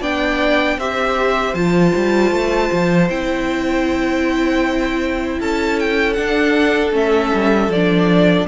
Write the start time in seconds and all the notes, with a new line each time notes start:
0.00 B3 D4 D5 G5
0.77 C4 G4 C5 E5
1.54 F3 F4 A5
1.96 G3
2.31 A3
2.72 F3
3.09 C4 E4 G5
5.39 C#4 A4 A5
5.79 G5
6.13 D4 F#5
6.92 A3 C#4 E5
7.34 G3
7.68 F3 D5
7.75 D4